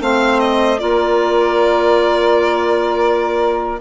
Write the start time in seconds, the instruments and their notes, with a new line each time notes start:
0.00 bassoon A3, clarinet C4, saxophone C5, violin F5
0.40 violin D#5
0.79 bassoon A#3, clarinet F4, saxophone A#4, violin D5